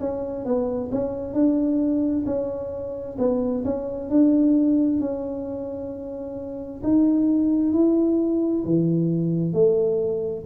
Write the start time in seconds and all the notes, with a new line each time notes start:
0.00 C#4
0.45 B3
0.91 C#4
1.34 D4
2.26 C#4
3.19 B3
3.65 C#4
4.10 D4
5.00 C#4
6.83 D#4
7.73 E4
8.64 E3
9.53 A3